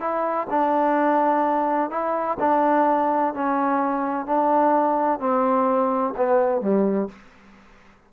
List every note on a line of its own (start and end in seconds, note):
0.00 0.47 E4
0.50 1.90 D4
1.90 2.38 E4
2.40 3.34 D4
3.34 4.26 C#4
4.26 5.20 D4
5.20 6.14 C4
6.17 6.61 B3
6.61 7.08 G3